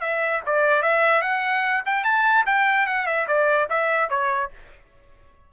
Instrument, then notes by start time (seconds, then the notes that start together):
trumpet
0.00 E5
0.45 D5
0.82 E5
1.21 F#5
1.85 G5
2.04 A5
2.46 G5
2.86 F#5
3.06 E5
3.27 D5
3.69 E5
4.09 C#5